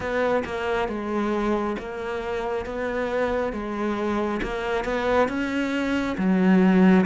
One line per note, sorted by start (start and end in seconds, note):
0.00 0.43 B3
0.45 0.88 A#3
0.88 1.76 G#3
1.78 2.65 A#3
2.65 3.52 B3
3.52 4.40 G#3
4.42 4.84 A#3
4.84 5.28 B3
5.28 6.16 C#4
6.17 7.05 F#3